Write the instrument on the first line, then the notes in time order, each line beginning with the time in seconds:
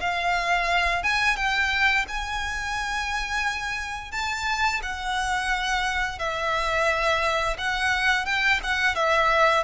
violin
0.00 F5
1.03 G#5
1.36 G5
2.08 G#5
4.12 A5
4.82 F#5
6.19 E5
7.58 F#5
8.25 G5
8.63 F#5
8.95 E5